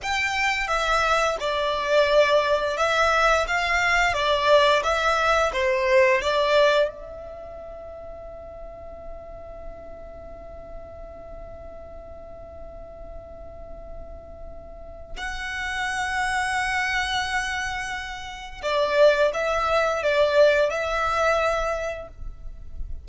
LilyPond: \new Staff \with { instrumentName = "violin" } { \time 4/4 \tempo 4 = 87 g''4 e''4 d''2 | e''4 f''4 d''4 e''4 | c''4 d''4 e''2~ | e''1~ |
e''1~ | e''2 fis''2~ | fis''2. d''4 | e''4 d''4 e''2 | }